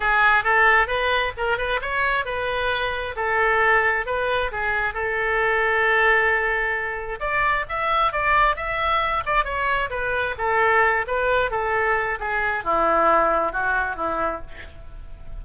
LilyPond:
\new Staff \with { instrumentName = "oboe" } { \time 4/4 \tempo 4 = 133 gis'4 a'4 b'4 ais'8 b'8 | cis''4 b'2 a'4~ | a'4 b'4 gis'4 a'4~ | a'1 |
d''4 e''4 d''4 e''4~ | e''8 d''8 cis''4 b'4 a'4~ | a'8 b'4 a'4. gis'4 | e'2 fis'4 e'4 | }